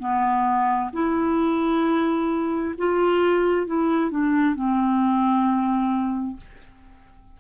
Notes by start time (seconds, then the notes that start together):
0.00 B3
0.93 E4
2.78 F4
3.67 E4
4.11 D4
4.55 C4